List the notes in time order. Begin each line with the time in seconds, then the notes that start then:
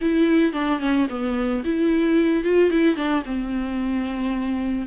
0.01 E4
0.52 D4
0.79 C#4
1.09 B3
1.64 E4
2.43 F4
2.70 E4
2.96 D4
3.25 C4